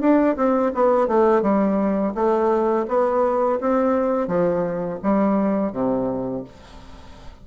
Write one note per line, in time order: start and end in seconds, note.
0.00 0.36 D4
0.36 0.72 C4
0.74 1.07 B3
1.07 1.42 A3
1.42 2.13 G3
2.15 2.86 A3
2.88 3.59 B3
3.60 4.27 C4
4.27 4.99 F3
5.03 5.72 G3
5.72 6.44 C3